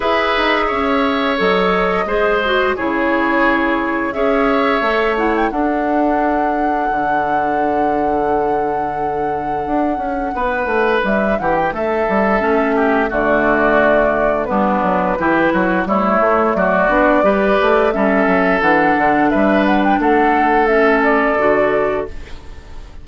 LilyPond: <<
  \new Staff \with { instrumentName = "flute" } { \time 4/4 \tempo 4 = 87 e''2 dis''2 | cis''2 e''4. fis''16 g''16 | fis''1~ | fis''1 |
e''8 fis''16 g''16 e''2 d''4~ | d''4 b'2 cis''4 | d''2 e''4 fis''4 | e''8 fis''16 g''16 fis''4 e''8 d''4. | }
  \new Staff \with { instrumentName = "oboe" } { \time 4/4 b'4 cis''2 c''4 | gis'2 cis''2 | a'1~ | a'2. b'4~ |
b'8 g'8 a'4. g'8 fis'4~ | fis'4 d'4 g'8 fis'8 e'4 | fis'4 b'4 a'2 | b'4 a'2. | }
  \new Staff \with { instrumentName = "clarinet" } { \time 4/4 gis'2 a'4 gis'8 fis'8 | e'2 gis'4 a'8 e'8 | d'1~ | d'1~ |
d'2 cis'4 a4~ | a4 b4 e'4 a4~ | a8 d'8 g'4 cis'4 d'4~ | d'2 cis'4 fis'4 | }
  \new Staff \with { instrumentName = "bassoon" } { \time 4/4 e'8 dis'8 cis'4 fis4 gis4 | cis2 cis'4 a4 | d'2 d2~ | d2 d'8 cis'8 b8 a8 |
g8 e8 a8 g8 a4 d4~ | d4 g8 fis8 e8 fis8 g8 a8 | fis8 b8 g8 a8 g8 fis8 e8 d8 | g4 a2 d4 | }
>>